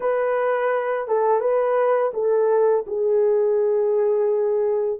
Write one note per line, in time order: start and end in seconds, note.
0.00 1.07 B4
1.07 1.40 A4
1.40 2.11 B4
2.13 2.85 A4
2.86 4.99 G#4